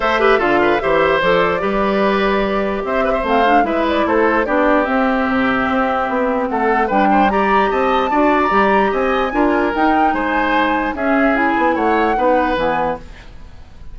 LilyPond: <<
  \new Staff \with { instrumentName = "flute" } { \time 4/4 \tempo 4 = 148 e''4 f''4 e''4 d''4~ | d''2. e''4 | f''4 e''8 d''8 c''4 d''4 | e''1 |
fis''4 g''4 ais''4 a''4~ | a''8. ais''4~ ais''16 gis''2 | g''4 gis''2 e''4 | gis''4 fis''2 gis''4 | }
  \new Staff \with { instrumentName = "oboe" } { \time 4/4 c''8 b'8 a'8 b'8 c''2 | b'2. c''8 b'16 c''16~ | c''4 b'4 a'4 g'4~ | g'1 |
a'4 b'8 c''8 d''4 dis''4 | d''2 dis''4 ais'4~ | ais'4 c''2 gis'4~ | gis'4 cis''4 b'2 | }
  \new Staff \with { instrumentName = "clarinet" } { \time 4/4 a'8 g'8 f'4 g'4 a'4 | g'1 | c'8 d'8 e'2 d'4 | c'1~ |
c'4 d'4 g'2 | fis'4 g'2 f'4 | dis'2. cis'4 | e'2 dis'4 b4 | }
  \new Staff \with { instrumentName = "bassoon" } { \time 4/4 a4 d4 e4 f4 | g2. c'4 | a4 gis4 a4 b4 | c'4 c4 c'4 b4 |
a4 g2 c'4 | d'4 g4 c'4 d'4 | dis'4 gis2 cis'4~ | cis'8 b8 a4 b4 e4 | }
>>